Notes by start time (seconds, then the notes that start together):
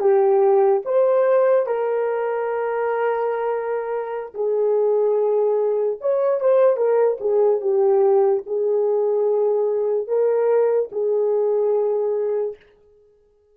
0.00 G4
0.84 C5
1.66 A#4
4.34 G#4
6.00 C#5
6.40 C5
6.76 A#4
7.20 G#4
7.61 G4
8.46 G#4
10.07 A#4
10.91 G#4